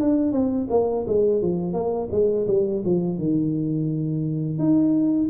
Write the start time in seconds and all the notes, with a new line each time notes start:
0.00 D4
0.32 C4
0.70 A#3
1.07 G#3
1.42 F3
1.73 A#3
2.11 G#3
2.47 G3
2.85 F3
3.18 D#3
4.59 D#4